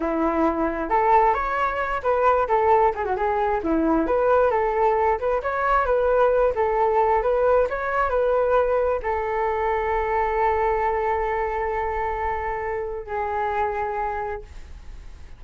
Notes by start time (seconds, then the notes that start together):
0.00 E4
0.89 A4
1.33 C#5
2.02 B4
2.48 A4
2.94 G#4
3.04 F#4
3.16 G#4
3.63 E4
4.06 B4
4.51 A4
5.19 B4
5.42 C#5
5.85 B4
6.55 A4
7.22 B4
7.69 C#5
8.09 B4
9.02 A4
13.06 G#4